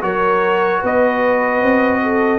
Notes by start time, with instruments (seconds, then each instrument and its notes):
0.00 tuba F#3, trombone F#4, horn A#4, trumpet C#5
0.80 tuba B3, horn B4, trumpet D#5
1.62 tuba C4
2.02 horn A4